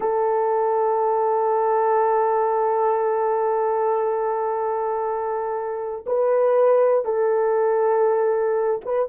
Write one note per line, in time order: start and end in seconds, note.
0.00 6.04 A4
6.06 7.04 B4
7.04 8.81 A4
8.85 9.08 B4